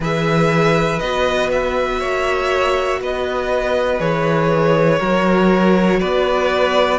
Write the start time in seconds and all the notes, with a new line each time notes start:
0.00 E3 G#4 B4 E5
0.99 B3 F#4 D#5
1.51 E5
2.00 A#3 C#5
3.01 B3 B4 D#5
3.99 E3 G#4 C#5
4.99 F#3 F#4 A#4
5.99 B3 B4 D5